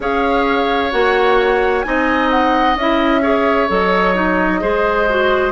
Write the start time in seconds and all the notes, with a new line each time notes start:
0.00 C#4 G#4 C#5 F5
0.91 A#3 F#4 F#5
1.82 C4 D#4 D#5 G#5
2.30 F#5
2.75 C#4 E4 E5
3.22 G#4 C#5
3.68 F#3 A4 D#5
4.14 D#4
4.60 G#3 G#4 C5
5.09 F#4